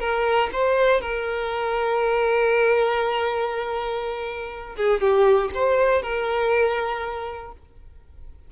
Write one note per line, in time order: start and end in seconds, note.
0.00 0.50 A#4
0.53 1.01 C5
1.01 4.76 A#4
4.77 5.01 G#4
5.01 5.51 G4
5.55 6.02 C5
6.02 7.52 A#4